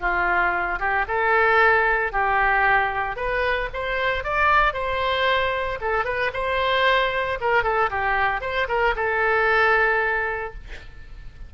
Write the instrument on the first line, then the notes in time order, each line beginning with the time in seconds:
oboe
0.00 F4
0.79 G4
1.07 A4
2.12 G4
3.16 B4
3.73 C5
4.23 D5
4.73 C5
5.81 A4
6.05 B4
6.33 C5
7.40 A#4
7.63 A4
7.90 G4
8.41 C5
8.68 A#4
8.95 A4